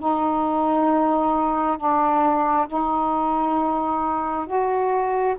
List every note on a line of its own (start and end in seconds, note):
0.00 1.78 D#4
1.78 2.67 D4
2.68 4.47 D#4
4.47 5.36 F#4